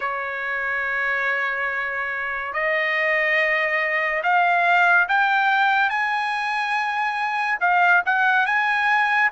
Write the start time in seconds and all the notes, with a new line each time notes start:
0.00 C#5
2.53 D#5
4.23 F5
5.08 G5
5.89 G#5
7.60 F5
8.05 F#5
8.45 G#5